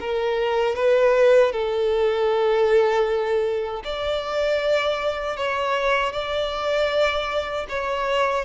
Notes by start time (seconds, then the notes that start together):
0.00 A#4
0.75 B4
1.52 A4
3.84 D5
5.36 C#5
6.12 D5
7.69 C#5